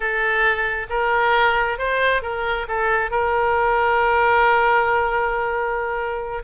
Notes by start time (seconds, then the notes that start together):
0.00 A4
0.89 A#4
1.78 C5
2.22 A#4
2.68 A4
3.10 A#4